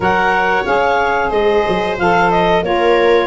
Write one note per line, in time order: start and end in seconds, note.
0.00 0.66 F#3
0.00 0.64 A#4
0.00 1.30 C#5
0.00 0.65 F#5
0.65 1.30 C#4
0.65 1.97 G#4
0.65 1.30 F5
1.30 1.63 G#3
1.30 2.62 C5
1.30 1.96 D#5
1.67 1.98 F#3
1.98 2.62 F3
1.98 2.63 A4
1.98 2.30 F5
2.30 2.63 D#5
2.62 3.27 A#3
2.62 3.27 F4
2.62 3.27 A#4
2.62 3.27 C#5